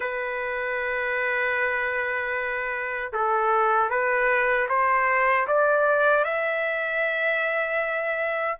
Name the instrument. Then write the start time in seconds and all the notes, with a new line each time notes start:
trumpet
0.00 B4
3.12 A4
3.90 B4
4.68 C5
5.47 D5
6.24 E5